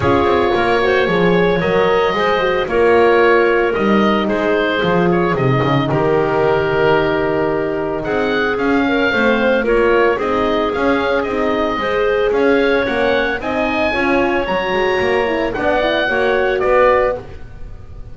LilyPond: <<
  \new Staff \with { instrumentName = "oboe" } { \time 4/4 \tempo 4 = 112 cis''2. dis''4~ | dis''4 cis''2 dis''4 | c''4. cis''8 dis''4 ais'4~ | ais'2. fis''4 |
f''2 cis''4 dis''4 | f''4 dis''2 f''4 | fis''4 gis''2 ais''4~ | ais''4 fis''2 d''4 | }
  \new Staff \with { instrumentName = "clarinet" } { \time 4/4 gis'4 ais'8 c''8 cis''2 | c''4 ais'2. | gis'2. g'4~ | g'2. gis'4~ |
gis'8 ais'8 c''4 ais'4 gis'4~ | gis'2 c''4 cis''4~ | cis''4 dis''4 cis''2~ | cis''4 d''4 cis''4 b'4 | }
  \new Staff \with { instrumentName = "horn" } { \time 4/4 f'4. fis'8 gis'4 ais'4 | gis'8 fis'8 f'2 dis'4~ | dis'4 f'4 dis'2~ | dis'1 |
cis'4 c'4 f'4 dis'4 | cis'4 dis'4 gis'2 | cis'4 dis'4 f'4 fis'4~ | fis'8 e'8 d'8 e'8 fis'2 | }
  \new Staff \with { instrumentName = "double bass" } { \time 4/4 cis'8 c'8 ais4 f4 fis4 | gis4 ais2 g4 | gis4 f4 c8 cis8 dis4~ | dis2. c'4 |
cis'4 a4 ais4 c'4 | cis'4 c'4 gis4 cis'4 | ais4 c'4 cis'4 fis8 gis8 | ais4 b4 ais4 b4 | }
>>